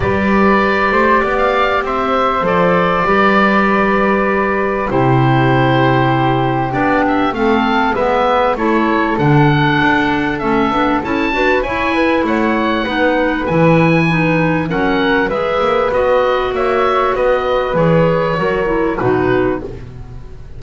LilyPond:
<<
  \new Staff \with { instrumentName = "oboe" } { \time 4/4 \tempo 4 = 98 d''2~ d''16 f''8. e''4 | d''1 | c''2. d''8 e''8 | f''4 e''4 cis''4 fis''4~ |
fis''4 e''4 a''4 gis''4 | fis''2 gis''2 | fis''4 e''4 dis''4 e''4 | dis''4 cis''2 b'4 | }
  \new Staff \with { instrumentName = "flute" } { \time 4/4 b'4. c''8 d''4 c''4~ | c''4 b'2. | g'1 | a'4 b'4 a'2~ |
a'2~ a'8 b'8 cis''8 b'8 | cis''4 b'2. | ais'4 b'2 cis''4 | b'2 ais'4 fis'4 | }
  \new Staff \with { instrumentName = "clarinet" } { \time 4/4 g'1 | a'4 g'2. | e'2. d'4 | c'4 b4 e'4 d'4~ |
d'4 cis'8 d'8 e'8 fis'8 e'4~ | e'4 dis'4 e'4 dis'4 | cis'4 gis'4 fis'2~ | fis'4 gis'4 fis'8 e'8 dis'4 | }
  \new Staff \with { instrumentName = "double bass" } { \time 4/4 g4. a8 b4 c'4 | f4 g2. | c2. b4 | a4 gis4 a4 d4 |
d'4 a8 b8 cis'8 d'8 e'4 | a4 b4 e2 | fis4 gis8 ais8 b4 ais4 | b4 e4 fis4 b,4 | }
>>